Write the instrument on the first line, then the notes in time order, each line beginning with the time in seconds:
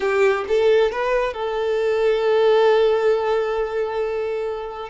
violin
0.00 G4
0.48 A4
0.91 B4
1.33 A4